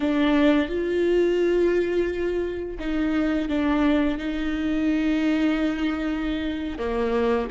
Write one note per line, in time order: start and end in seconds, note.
0.00 0.68 D4
0.68 2.77 F4
2.79 3.48 D#4
3.48 4.18 D4
4.18 6.78 D#4
6.78 7.48 A#3